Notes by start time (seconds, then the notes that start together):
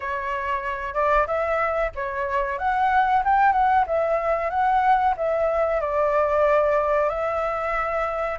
0.00 C#5
0.94 D5
1.26 E5
1.95 C#5
2.58 F#5
3.24 G5
3.52 F#5
3.87 E5
4.50 F#5
5.16 E5
5.81 D5
7.09 E5